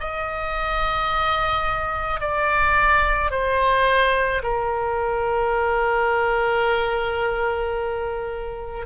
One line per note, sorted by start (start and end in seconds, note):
0.00 2.20 D#5
2.20 3.31 D5
3.31 4.42 C5
4.42 8.86 A#4